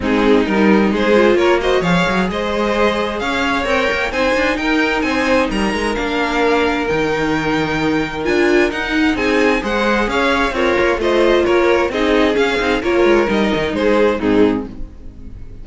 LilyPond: <<
  \new Staff \with { instrumentName = "violin" } { \time 4/4 \tempo 4 = 131 gis'4 ais'4 c''4 cis''8 dis''8 | f''4 dis''2 f''4 | g''4 gis''4 g''4 gis''4 | ais''4 f''2 g''4~ |
g''2 gis''4 fis''4 | gis''4 fis''4 f''4 cis''4 | dis''4 cis''4 dis''4 f''4 | cis''4 dis''4 c''4 gis'4 | }
  \new Staff \with { instrumentName = "violin" } { \time 4/4 dis'2 gis'4 ais'8 c''8 | cis''4 c''2 cis''4~ | cis''4 c''4 ais'4 c''4 | ais'1~ |
ais'1 | gis'4 c''4 cis''4 f'4 | c''4 ais'4 gis'2 | ais'2 gis'4 dis'4 | }
  \new Staff \with { instrumentName = "viola" } { \time 4/4 c'4 dis'4. f'4 fis'8 | gis'1 | ais'4 dis'2.~ | dis'4 d'2 dis'4~ |
dis'2 f'4 dis'4~ | dis'4 gis'2 ais'4 | f'2 dis'4 cis'8 dis'8 | f'4 dis'2 c'4 | }
  \new Staff \with { instrumentName = "cello" } { \time 4/4 gis4 g4 gis4 ais4 | f8 fis8 gis2 cis'4 | c'8 ais8 c'8 d'8 dis'4 c'4 | g8 gis8 ais2 dis4~ |
dis2 d'4 dis'4 | c'4 gis4 cis'4 c'8 ais8 | a4 ais4 c'4 cis'8 c'8 | ais8 gis8 g8 dis8 gis4 gis,4 | }
>>